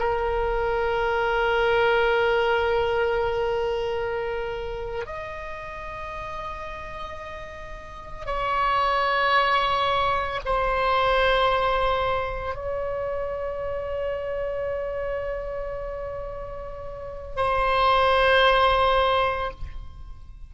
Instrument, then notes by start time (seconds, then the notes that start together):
oboe
0.00 A#4
5.06 D#5
8.26 C#5
10.46 C5
12.56 C#5
17.37 C5